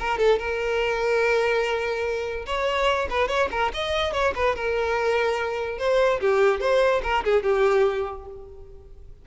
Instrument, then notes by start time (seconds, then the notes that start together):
violin
0.00 A#4
0.18 A4
0.39 A#4
2.46 C#5
3.10 B4
3.28 C#5
3.52 A#4
3.74 D#5
4.13 C#5
4.36 B4
4.56 A#4
5.79 C5
6.21 G4
6.61 C5
7.03 A#4
7.25 G#4
7.43 G4